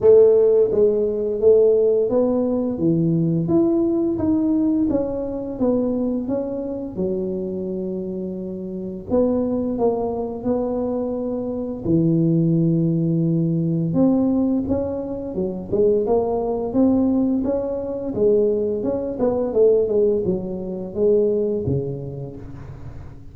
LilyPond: \new Staff \with { instrumentName = "tuba" } { \time 4/4 \tempo 4 = 86 a4 gis4 a4 b4 | e4 e'4 dis'4 cis'4 | b4 cis'4 fis2~ | fis4 b4 ais4 b4~ |
b4 e2. | c'4 cis'4 fis8 gis8 ais4 | c'4 cis'4 gis4 cis'8 b8 | a8 gis8 fis4 gis4 cis4 | }